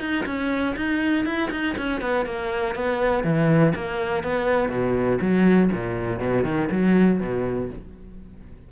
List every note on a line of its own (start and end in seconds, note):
0.00 0.25 D#4
0.26 0.75 C#4
0.76 1.26 D#4
1.26 1.50 E4
1.51 1.76 D#4
1.78 2.01 C#4
2.01 2.26 B3
2.26 2.75 A#3
2.75 3.24 B3
3.24 3.73 E3
3.75 4.24 A#3
4.24 4.69 B3
4.69 5.19 B2
5.21 5.71 F#3
5.72 6.19 A#2
6.19 6.44 B2
6.44 6.69 D#3
6.71 7.20 F#3
7.20 7.70 B2